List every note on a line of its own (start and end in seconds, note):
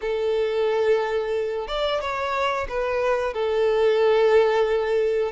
0.01 1.67 A4
1.67 2.00 D5
2.00 2.67 C#5
2.68 3.33 B4
3.33 5.31 A4